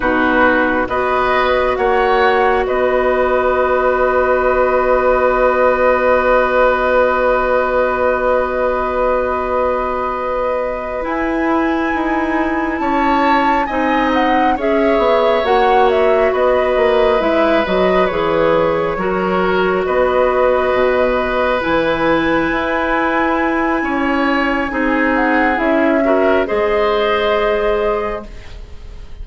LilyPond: <<
  \new Staff \with { instrumentName = "flute" } { \time 4/4 \tempo 4 = 68 b'4 dis''4 fis''4 dis''4~ | dis''1~ | dis''1~ | dis''8 gis''2 a''4 gis''8 |
fis''8 e''4 fis''8 e''8 dis''4 e''8 | dis''8 cis''2 dis''4.~ | dis''8 gis''2.~ gis''8~ | gis''8 fis''8 e''4 dis''2 | }
  \new Staff \with { instrumentName = "oboe" } { \time 4/4 fis'4 b'4 cis''4 b'4~ | b'1~ | b'1~ | b'2~ b'8 cis''4 dis''8~ |
dis''8 cis''2 b'4.~ | b'4. ais'4 b'4.~ | b'2. cis''4 | gis'4. ais'8 c''2 | }
  \new Staff \with { instrumentName = "clarinet" } { \time 4/4 dis'4 fis'2.~ | fis'1~ | fis'1~ | fis'8 e'2. dis'8~ |
dis'8 gis'4 fis'2 e'8 | fis'8 gis'4 fis'2~ fis'8~ | fis'8 e'2.~ e'8 | dis'4 e'8 fis'8 gis'2 | }
  \new Staff \with { instrumentName = "bassoon" } { \time 4/4 b,4 b4 ais4 b4~ | b1~ | b1~ | b8 e'4 dis'4 cis'4 c'8~ |
c'8 cis'8 b8 ais4 b8 ais8 gis8 | fis8 e4 fis4 b4 b,8~ | b,8 e4 e'4. cis'4 | c'4 cis'4 gis2 | }
>>